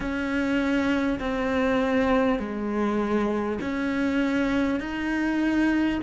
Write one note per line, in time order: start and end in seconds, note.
0.00 1.19 C#4
1.19 2.39 C4
2.39 3.59 G#3
3.61 4.79 C#4
4.79 5.99 D#4